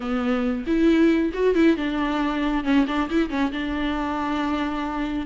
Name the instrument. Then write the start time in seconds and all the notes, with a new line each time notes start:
viola
0.00 B3
0.66 E4
1.33 F#4
1.54 E4
1.76 D4
2.64 C#4
2.87 D4
3.10 E4
3.29 C#4
3.52 D4